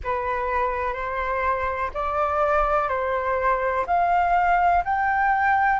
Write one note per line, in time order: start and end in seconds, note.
0.03 0.93 B4
0.93 1.90 C5
1.94 2.88 D5
2.88 3.84 C5
3.86 4.83 F5
4.84 5.79 G5